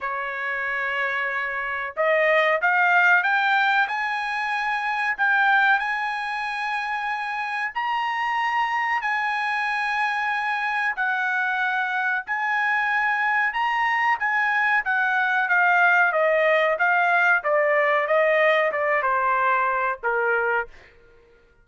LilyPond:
\new Staff \with { instrumentName = "trumpet" } { \time 4/4 \tempo 4 = 93 cis''2. dis''4 | f''4 g''4 gis''2 | g''4 gis''2. | ais''2 gis''2~ |
gis''4 fis''2 gis''4~ | gis''4 ais''4 gis''4 fis''4 | f''4 dis''4 f''4 d''4 | dis''4 d''8 c''4. ais'4 | }